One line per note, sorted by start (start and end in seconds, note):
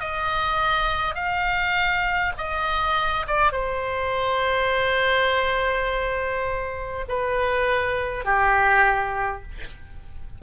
0.00 1.14 D#5
1.14 2.32 F5
2.38 3.26 D#5
3.27 3.52 D5
3.52 7.05 C5
7.09 8.25 B4
8.25 9.42 G4